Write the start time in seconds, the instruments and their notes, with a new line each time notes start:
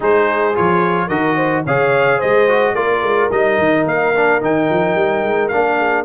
0.00 tuba G#3, trombone D#4, horn G#4, trumpet C5
0.54 tuba F3, trombone F4, trumpet C#5
1.07 tuba D#3, trombone F#4, horn A#4, trumpet D#5
1.36 horn C5
1.65 tuba C#3, trombone G#4, horn C#5, trumpet F5
2.18 tuba G#3, horn C5, trumpet D#5
2.48 trombone F#4
2.75 tuba A#3, trombone F4, horn A#4, trumpet D5
3.02 tuba G#3
3.31 tuba G3, trombone D#4, trumpet D#5
3.58 tuba D#3
3.85 tuba A#3, trumpet F5
4.14 trombone D4
4.40 tuba D#3, trombone D#4, trumpet G5
4.69 tuba F3
4.95 tuba G3
5.22 tuba G#3
5.48 trombone D4, trumpet F5
5.54 tuba A#3
5.77 horn G#4